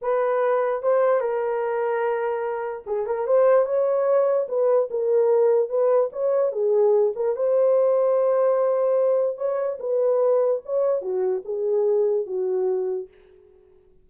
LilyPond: \new Staff \with { instrumentName = "horn" } { \time 4/4 \tempo 4 = 147 b'2 c''4 ais'4~ | ais'2. gis'8 ais'8 | c''4 cis''2 b'4 | ais'2 b'4 cis''4 |
gis'4. ais'8 c''2~ | c''2. cis''4 | b'2 cis''4 fis'4 | gis'2 fis'2 | }